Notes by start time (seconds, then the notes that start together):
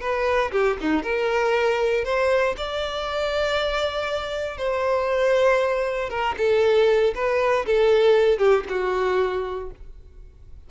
0.00 B4
0.51 G4
0.80 D#4
1.03 A#4
2.04 C5
2.57 D5
4.57 C5
6.09 A#4
6.37 A4
7.15 B4
7.65 A4
8.38 G4
8.69 F#4